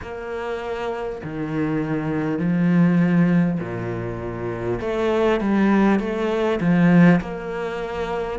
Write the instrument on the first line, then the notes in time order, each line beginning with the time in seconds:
cello
0.02 A#3
1.23 D#3
2.38 F3
3.60 A#2
4.81 A3
5.40 G3
5.99 A3
6.60 F3
7.20 A#3